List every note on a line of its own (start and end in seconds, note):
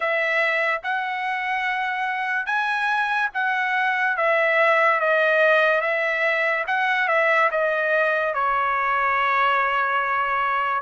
0.00 0.81 E5
0.83 2.46 F#5
2.46 3.29 G#5
3.34 4.17 F#5
4.17 5.00 E5
5.00 5.81 D#5
5.81 6.64 E5
6.67 7.08 F#5
7.08 7.49 E5
7.51 8.34 D#5
8.34 10.82 C#5